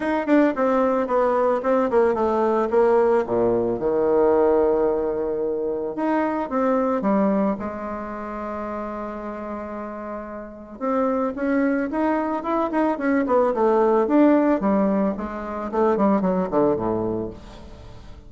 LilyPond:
\new Staff \with { instrumentName = "bassoon" } { \time 4/4 \tempo 4 = 111 dis'8 d'8 c'4 b4 c'8 ais8 | a4 ais4 ais,4 dis4~ | dis2. dis'4 | c'4 g4 gis2~ |
gis1 | c'4 cis'4 dis'4 e'8 dis'8 | cis'8 b8 a4 d'4 g4 | gis4 a8 g8 fis8 d8 a,4 | }